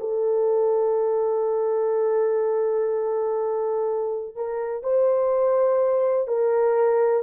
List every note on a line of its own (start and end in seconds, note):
0.00 4.35 A4
4.36 4.83 A#4
4.83 6.28 C5
6.28 7.23 A#4